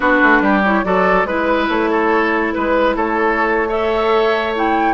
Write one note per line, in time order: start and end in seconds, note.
0.00 0.20 B3
0.00 0.63 D4
0.00 0.42 F#4
0.00 0.61 B4
0.22 0.40 A3
0.40 0.83 G3
0.40 0.84 G4
0.64 0.84 E4
0.64 0.85 C#5
0.84 1.25 F#3
0.84 1.26 F#4
0.84 1.27 A4
0.84 1.26 D5
1.25 1.67 G#3
1.25 3.69 E4
1.25 1.68 B4
1.25 1.90 B4
1.68 2.53 A3
1.68 2.52 C#5
1.90 2.54 A4
2.52 2.96 G#3
2.52 2.95 B4
2.95 4.93 A3
2.95 3.68 A4
2.95 3.69 C#5
3.68 4.54 A4
3.68 4.93 C#5
3.68 4.54 E5
4.55 4.93 E4
4.55 4.93 G5